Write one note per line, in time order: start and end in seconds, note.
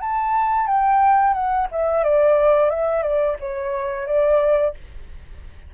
0.00 0.66 A5
0.66 1.33 G5
1.33 1.67 F#5
1.71 2.03 E5
2.03 2.70 D5
2.70 3.02 E5
3.02 3.36 D5
3.40 4.06 C#5
4.06 4.74 D5